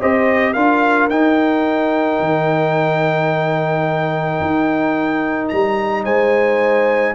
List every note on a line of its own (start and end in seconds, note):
0.00 0.56 C4
0.00 0.55 G4
0.00 0.53 C5
0.00 0.53 D#5
0.53 1.10 D4
0.53 1.10 F4
0.53 6.03 A#4
0.53 1.08 F5
1.09 2.19 D#4
1.09 7.15 D#4
1.09 5.48 G5
2.19 4.39 D#3
4.41 5.51 D#4
5.48 6.05 G3
5.48 6.03 A#5
6.04 7.15 G#3
6.04 7.14 C5
6.04 7.15 G#5